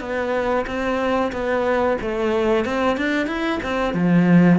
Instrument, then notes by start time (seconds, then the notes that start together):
cello
0.00 B3
0.66 C4
1.32 B3
2.01 A3
2.65 C4
2.97 D4
3.27 E4
3.63 C4
3.94 F3